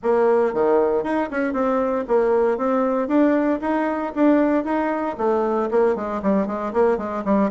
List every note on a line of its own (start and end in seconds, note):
0.02 0.53 A#3
0.53 1.03 D#3
1.03 1.29 D#4
1.30 1.53 C#4
1.53 2.04 C4
2.07 2.57 A#3
2.57 3.08 C4
3.08 3.59 D4
3.61 4.13 D#4
4.15 4.64 D4
4.64 5.16 D#4
5.17 5.69 A3
5.70 5.95 A#3
5.95 6.21 G#3
6.22 6.47 G3
6.47 6.72 G#3
6.73 6.97 A#3
6.97 7.23 G#3
7.24 7.50 G3